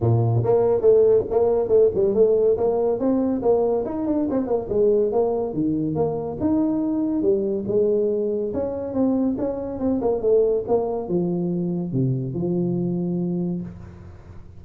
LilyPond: \new Staff \with { instrumentName = "tuba" } { \time 4/4 \tempo 4 = 141 ais,4 ais4 a4 ais4 | a8 g8 a4 ais4 c'4 | ais4 dis'8 d'8 c'8 ais8 gis4 | ais4 dis4 ais4 dis'4~ |
dis'4 g4 gis2 | cis'4 c'4 cis'4 c'8 ais8 | a4 ais4 f2 | c4 f2. | }